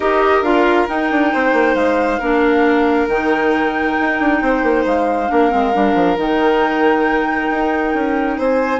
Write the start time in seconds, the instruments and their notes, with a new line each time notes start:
0.00 bassoon D#4, clarinet G4, violin A#4, flute D#5
0.42 bassoon D4, clarinet F4, flute F5
0.87 clarinet D#4, bassoon D#4, flute G5
1.11 bassoon D4
1.32 bassoon C4, violin C5
1.52 bassoon A#3
1.74 bassoon G#3, flute F5
2.19 bassoon A#3, clarinet D4, violin A#4
3.07 bassoon D#3, clarinet D#4, flute G5
3.99 bassoon D#4
4.19 bassoon D4
4.41 bassoon C4, violin C5
4.62 bassoon A#3
4.85 bassoon G#3, flute F5
5.27 bassoon A#3, clarinet D4, violin A#4
5.50 bassoon G#3, clarinet C4
5.72 bassoon G3, clarinet D4
5.94 bassoon F3
6.17 bassoon D#3, clarinet D#4, flute G5
7.50 bassoon D#4
7.93 bassoon C#4
8.37 bassoon C4, violin C5, flute G#5